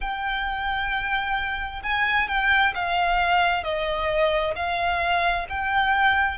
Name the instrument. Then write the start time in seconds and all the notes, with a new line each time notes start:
violin
0.00 G5
1.82 G#5
2.28 G5
2.74 F5
3.63 D#5
4.55 F5
5.49 G5